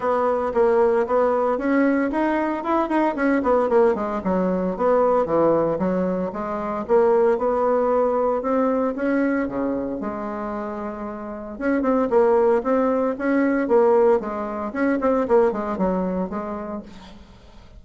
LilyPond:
\new Staff \with { instrumentName = "bassoon" } { \time 4/4 \tempo 4 = 114 b4 ais4 b4 cis'4 | dis'4 e'8 dis'8 cis'8 b8 ais8 gis8 | fis4 b4 e4 fis4 | gis4 ais4 b2 |
c'4 cis'4 cis4 gis4~ | gis2 cis'8 c'8 ais4 | c'4 cis'4 ais4 gis4 | cis'8 c'8 ais8 gis8 fis4 gis4 | }